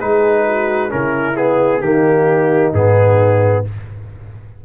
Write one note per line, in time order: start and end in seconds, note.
0.00 0.93 G#3
0.00 0.89 D#4
0.00 0.46 G#4
0.00 0.91 B4
0.48 0.91 F#4
0.89 1.81 C#3
0.89 1.35 C#4
0.89 1.82 E4
0.89 1.37 A#4
1.37 1.82 B3
1.37 1.81 G#4
1.81 2.72 D#3
1.81 2.74 A#3
1.81 3.64 D#4
1.81 2.72 G4
2.73 3.64 G#2
2.73 3.65 B3
2.73 3.65 G#4